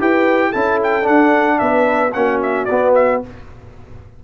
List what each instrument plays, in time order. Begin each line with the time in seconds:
0.00 tuba E4, trombone G4, horn B4, trumpet G5
0.50 tuba C#4, trombone E4, horn A4, trumpet A5
0.83 trumpet G5
1.03 trombone D4, tuba D4, trumpet F#5
1.59 tuba B3, horn B4, trumpet E5
2.13 tuba A#3, trombone C#4, horn F#4, trumpet F#5
2.43 trumpet E5
2.66 trombone B3, tuba B3, trumpet D5
2.95 trumpet E5